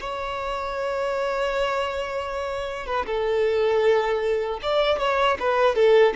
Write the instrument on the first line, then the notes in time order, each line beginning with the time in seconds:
violin
0.00 C#5
2.86 B4
3.06 A4
4.62 D5
4.99 C#5
5.40 B4
5.75 A4